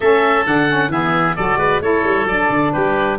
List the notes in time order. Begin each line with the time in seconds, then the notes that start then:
0.00 A3 C#4 A4 E5
0.45 D3 D4 F#5
0.68 C#4
0.88 E3 B3 G#4 E5
1.36 F#3 F#4 A4 D5
1.56 G#3 B4
1.80 A3 E4 A4 C#5
2.03 G3
2.25 F#3 D4 D5
2.49 D3
2.72 G3 G4 B4